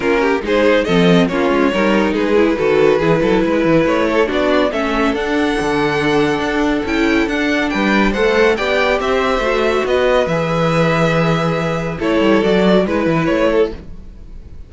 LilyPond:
<<
  \new Staff \with { instrumentName = "violin" } { \time 4/4 \tempo 4 = 140 ais'4 c''4 dis''4 cis''4~ | cis''4 b'2.~ | b'4 cis''4 d''4 e''4 | fis''1 |
g''4 fis''4 g''4 fis''4 | g''4 e''2 dis''4 | e''1 | cis''4 d''4 b'4 cis''4 | }
  \new Staff \with { instrumentName = "violin" } { \time 4/4 f'8 g'8 gis'4 a'4 f'4 | ais'4 gis'4 a'4 gis'8 a'8 | b'4. a'8 fis'4 a'4~ | a'1~ |
a'2 b'4 c''4 | d''4 c''2 b'4~ | b'1 | a'2 b'4. a'8 | }
  \new Staff \with { instrumentName = "viola" } { \time 4/4 cis'4 dis'4 c'4 cis'4 | dis'4. e'8 fis'4 e'4~ | e'2 d'4 cis'4 | d'1 |
e'4 d'2 a'4 | g'2 fis'2 | gis'1 | e'4 fis'4 e'2 | }
  \new Staff \with { instrumentName = "cello" } { \time 4/4 ais4 gis4 f4 ais8 gis8 | g4 gis4 dis4 e8 fis8 | gis8 e8 a4 b4 a4 | d'4 d2 d'4 |
cis'4 d'4 g4 a4 | b4 c'4 a4 b4 | e1 | a8 g8 fis4 gis8 e8 a4 | }
>>